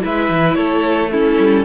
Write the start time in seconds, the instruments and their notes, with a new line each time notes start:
0.00 cello G#3, viola E4, violin B4 E5
0.30 cello E3
0.54 cello A3, violin A4 C#5
1.11 viola C#4, violin E4 A4
1.39 cello G3